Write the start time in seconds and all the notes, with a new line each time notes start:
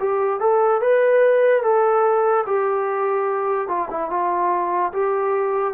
0.00 G4
0.40 A4
0.82 B4
1.63 A4
2.47 G4
3.68 F4
3.91 E4
4.10 F4
4.94 G4